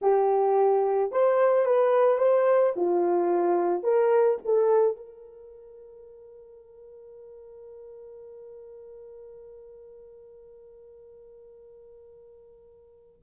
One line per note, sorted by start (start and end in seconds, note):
0.02 1.11 G4
1.11 1.65 C5
1.65 2.18 B4
2.18 2.73 C5
2.75 3.83 F4
3.83 4.38 A#4
4.44 4.96 A4
4.96 13.22 A#4